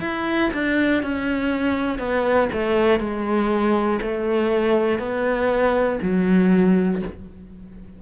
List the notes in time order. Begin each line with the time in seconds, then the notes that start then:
0.00 E4
0.54 D4
1.03 C#4
1.99 B3
2.52 A3
3.00 G#3
4.01 A3
4.99 B3
6.02 F#3